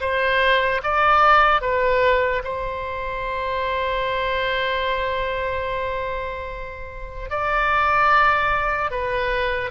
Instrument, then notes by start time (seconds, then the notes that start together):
oboe
0.00 C5
0.83 D5
1.61 B4
2.44 C5
7.30 D5
8.91 B4